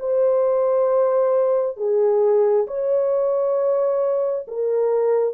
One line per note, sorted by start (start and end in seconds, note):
0.00 1.77 C5
1.77 2.67 G#4
2.68 4.47 C#5
4.48 5.34 A#4